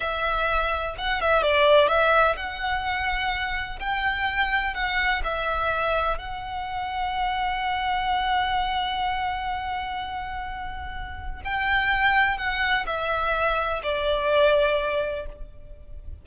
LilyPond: \new Staff \with { instrumentName = "violin" } { \time 4/4 \tempo 4 = 126 e''2 fis''8 e''8 d''4 | e''4 fis''2. | g''2 fis''4 e''4~ | e''4 fis''2.~ |
fis''1~ | fis''1 | g''2 fis''4 e''4~ | e''4 d''2. | }